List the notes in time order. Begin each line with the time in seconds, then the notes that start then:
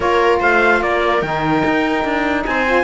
0.00 A#3 F4 A#4 C#5
0.40 A3 C5 F5
0.81 A#3 A#4 D5
1.21 D#3 D#4 G5
1.64 D#4
2.04 D4
2.45 C4 C5 G#5
2.66 F4